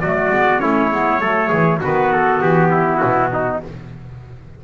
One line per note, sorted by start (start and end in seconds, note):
0.00 0.30 F#3
0.00 0.32 A3
0.00 0.61 F#4
0.00 0.60 D5
0.30 0.60 G#3
0.30 0.59 B3
0.59 0.92 A3
0.59 0.89 C#4
0.59 1.21 E4
0.59 1.80 C#5
0.91 1.21 G#3
0.91 1.21 B3
1.21 1.51 F#3
1.21 1.81 A3
1.21 1.48 A4
1.48 1.82 E3
1.48 1.78 G#4
1.80 2.41 D#3
1.80 3.63 B3
1.80 2.70 F#4
1.80 2.12 B4
2.12 2.42 A4
2.41 3.01 E3
2.41 2.97 G4
2.71 3.31 E4
2.97 3.57 F#4
3.04 3.64 B2
3.33 3.63 D#4